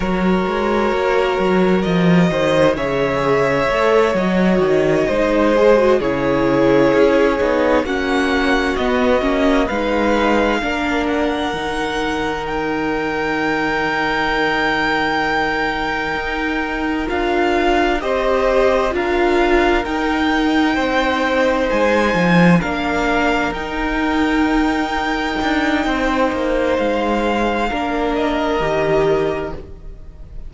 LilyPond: <<
  \new Staff \with { instrumentName = "violin" } { \time 4/4 \tempo 4 = 65 cis''2 dis''4 e''4~ | e''8 dis''2 cis''4.~ | cis''8 fis''4 dis''4 f''4. | fis''4. g''2~ g''8~ |
g''2~ g''8 f''4 dis''8~ | dis''8 f''4 g''2 gis''8~ | gis''8 f''4 g''2~ g''8~ | g''4 f''4. dis''4. | }
  \new Staff \with { instrumentName = "violin" } { \time 4/4 ais'2~ ais'8 c''8 cis''4~ | cis''4. c''4 gis'4.~ | gis'8 fis'2 b'4 ais'8~ | ais'1~ |
ais'2.~ ais'8 c''8~ | c''8 ais'2 c''4.~ | c''8 ais'2.~ ais'8 | c''2 ais'2 | }
  \new Staff \with { instrumentName = "viola" } { \time 4/4 fis'2. gis'4 | a'8 fis'4 dis'8 gis'16 fis'16 e'4. | dis'8 cis'4 b8 cis'8 dis'4 d'8~ | d'8 dis'2.~ dis'8~ |
dis'2~ dis'8 f'4 g'8~ | g'8 f'4 dis'2~ dis'8~ | dis'8 d'4 dis'2~ dis'8~ | dis'2 d'4 g'4 | }
  \new Staff \with { instrumentName = "cello" } { \time 4/4 fis8 gis8 ais8 fis8 f8 dis8 cis4 | a8 fis8 dis8 gis4 cis4 cis'8 | b8 ais4 b8 ais8 gis4 ais8~ | ais8 dis2.~ dis8~ |
dis4. dis'4 d'4 c'8~ | c'8 d'4 dis'4 c'4 gis8 | f8 ais4 dis'2 d'8 | c'8 ais8 gis4 ais4 dis4 | }
>>